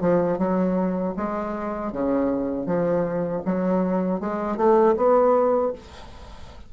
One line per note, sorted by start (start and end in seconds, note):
0.00 0.38 F3
0.38 1.14 F#3
1.16 1.92 G#3
1.92 2.66 C#3
2.66 3.42 F3
3.45 4.19 F#3
4.19 4.56 G#3
4.56 4.94 A3
4.96 5.72 B3